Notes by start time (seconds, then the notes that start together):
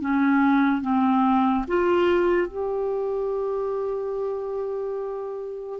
0.00 C#4
0.81 C4
1.67 F4
2.47 G4